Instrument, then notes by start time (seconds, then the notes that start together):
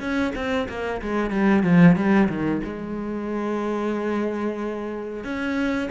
cello
0.00 C#4
0.35 C4
0.69 A#3
1.02 G#3
1.30 G3
1.63 F3
1.96 G3
2.29 D#3
2.64 G#3
5.24 C#4